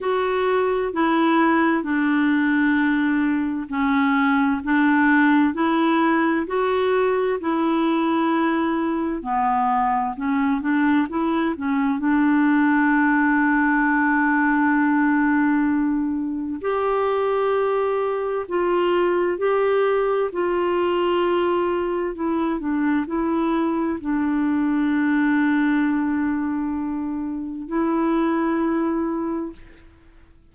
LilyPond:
\new Staff \with { instrumentName = "clarinet" } { \time 4/4 \tempo 4 = 65 fis'4 e'4 d'2 | cis'4 d'4 e'4 fis'4 | e'2 b4 cis'8 d'8 | e'8 cis'8 d'2.~ |
d'2 g'2 | f'4 g'4 f'2 | e'8 d'8 e'4 d'2~ | d'2 e'2 | }